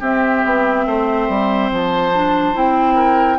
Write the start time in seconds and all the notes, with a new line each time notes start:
0.00 C4 G4 E5
0.45 B3
0.86 A3 C5
1.29 G3
1.71 F3 A5
2.14 D4
2.54 C4 E4 G5
2.95 A#4